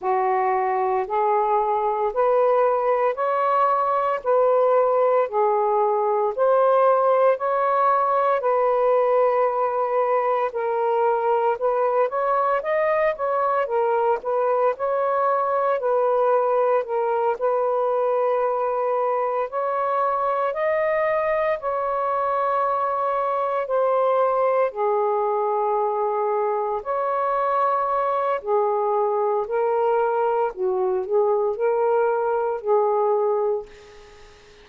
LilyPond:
\new Staff \with { instrumentName = "saxophone" } { \time 4/4 \tempo 4 = 57 fis'4 gis'4 b'4 cis''4 | b'4 gis'4 c''4 cis''4 | b'2 ais'4 b'8 cis''8 | dis''8 cis''8 ais'8 b'8 cis''4 b'4 |
ais'8 b'2 cis''4 dis''8~ | dis''8 cis''2 c''4 gis'8~ | gis'4. cis''4. gis'4 | ais'4 fis'8 gis'8 ais'4 gis'4 | }